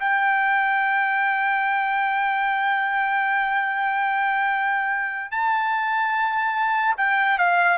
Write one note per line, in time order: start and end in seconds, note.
0.00 5.31 G5
5.31 6.95 A5
6.97 7.38 G5
7.38 7.78 F5